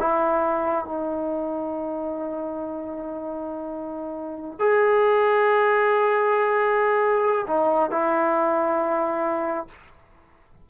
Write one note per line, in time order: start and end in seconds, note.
0.00 0.85 E4
0.85 4.60 D#4
4.60 7.47 G#4
7.47 7.91 D#4
7.91 9.68 E4